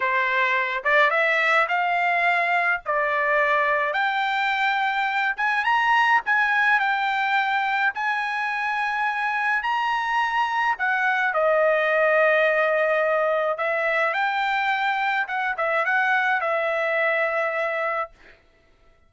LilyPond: \new Staff \with { instrumentName = "trumpet" } { \time 4/4 \tempo 4 = 106 c''4. d''8 e''4 f''4~ | f''4 d''2 g''4~ | g''4. gis''8 ais''4 gis''4 | g''2 gis''2~ |
gis''4 ais''2 fis''4 | dis''1 | e''4 g''2 fis''8 e''8 | fis''4 e''2. | }